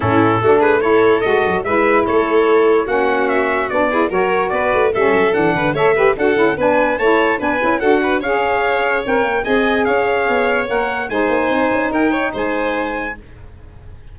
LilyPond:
<<
  \new Staff \with { instrumentName = "trumpet" } { \time 4/4 \tempo 4 = 146 a'4. b'8 cis''4 dis''4 | e''4 cis''2 fis''4 | e''4 d''4 cis''4 d''4 | e''4 fis''4 e''4 fis''4 |
gis''4 a''4 gis''4 fis''4 | f''2 g''4 gis''4 | f''2 fis''4 gis''4~ | gis''4 g''4 gis''2 | }
  \new Staff \with { instrumentName = "violin" } { \time 4/4 e'4 fis'8 gis'8 a'2 | b'4 a'2 fis'4~ | fis'4. gis'8 ais'4 b'4 | a'4. b'8 cis''8 b'8 a'4 |
b'4 cis''4 b'4 a'8 b'8 | cis''2. dis''4 | cis''2. c''4~ | c''4 ais'8 cis''8 c''2 | }
  \new Staff \with { instrumentName = "saxophone" } { \time 4/4 cis'4 d'4 e'4 fis'4 | e'2. cis'4~ | cis'4 d'8 e'8 fis'2 | cis'4 d'4 a'8 g'8 fis'8 e'8 |
d'4 e'4 d'8 e'8 fis'4 | gis'2 ais'4 gis'4~ | gis'2 ais'4 dis'4~ | dis'1 | }
  \new Staff \with { instrumentName = "tuba" } { \time 4/4 a,4 a2 gis8 fis8 | gis4 a2 ais4~ | ais4 b4 fis4 b8 a8 | g8 fis8 e8 d8 a4 d'8 cis'8 |
b4 a4 b8 cis'8 d'4 | cis'2 c'8 ais8 c'4 | cis'4 b4 ais4 gis8 ais8 | c'8 cis'8 dis'4 gis2 | }
>>